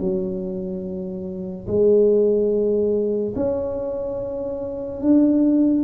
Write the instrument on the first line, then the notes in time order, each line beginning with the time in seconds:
tuba
0.00 F#3
1.67 G#3
3.36 C#4
5.02 D4